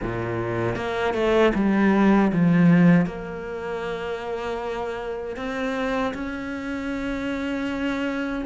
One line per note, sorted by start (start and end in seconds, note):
0.02 0.75 A#2
0.75 1.14 A#3
1.14 1.52 A3
1.54 2.31 G3
2.32 3.06 F3
3.06 5.36 A#3
5.36 6.13 C4
6.14 8.44 C#4